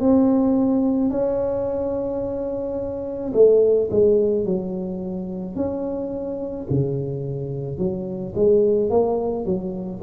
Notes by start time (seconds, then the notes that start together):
0.00 C4
1.10 C#4
3.33 A3
3.90 G#3
4.45 F#3
5.56 C#4
6.70 C#3
7.78 F#3
8.35 G#3
8.89 A#3
9.45 F#3